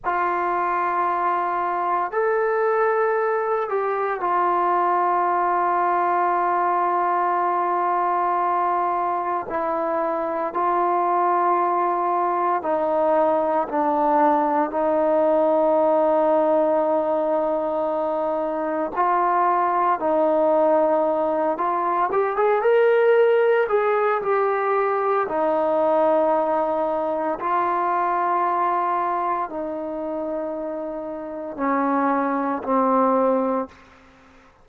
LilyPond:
\new Staff \with { instrumentName = "trombone" } { \time 4/4 \tempo 4 = 57 f'2 a'4. g'8 | f'1~ | f'4 e'4 f'2 | dis'4 d'4 dis'2~ |
dis'2 f'4 dis'4~ | dis'8 f'8 g'16 gis'16 ais'4 gis'8 g'4 | dis'2 f'2 | dis'2 cis'4 c'4 | }